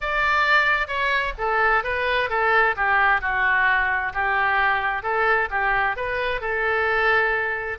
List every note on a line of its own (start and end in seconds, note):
0.00 0.87 D5
0.87 1.33 C#5
1.38 1.83 A4
1.83 2.29 B4
2.29 2.75 A4
2.76 3.21 G4
3.21 4.12 F#4
4.13 5.03 G4
5.03 5.48 A4
5.50 5.96 G4
5.96 6.40 B4
6.40 7.78 A4